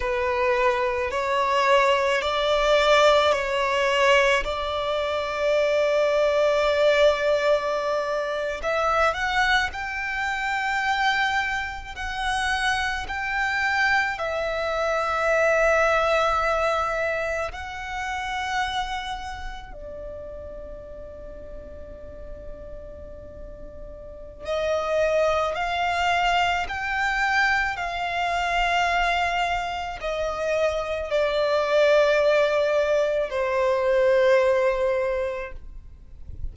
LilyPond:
\new Staff \with { instrumentName = "violin" } { \time 4/4 \tempo 4 = 54 b'4 cis''4 d''4 cis''4 | d''2.~ d''8. e''16~ | e''16 fis''8 g''2 fis''4 g''16~ | g''8. e''2. fis''16~ |
fis''4.~ fis''16 d''2~ d''16~ | d''2 dis''4 f''4 | g''4 f''2 dis''4 | d''2 c''2 | }